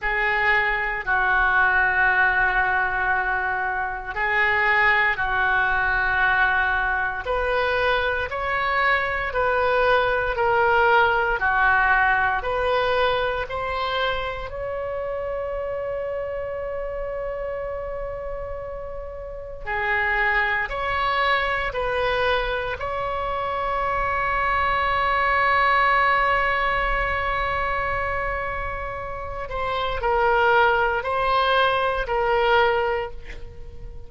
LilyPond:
\new Staff \with { instrumentName = "oboe" } { \time 4/4 \tempo 4 = 58 gis'4 fis'2. | gis'4 fis'2 b'4 | cis''4 b'4 ais'4 fis'4 | b'4 c''4 cis''2~ |
cis''2. gis'4 | cis''4 b'4 cis''2~ | cis''1~ | cis''8 c''8 ais'4 c''4 ais'4 | }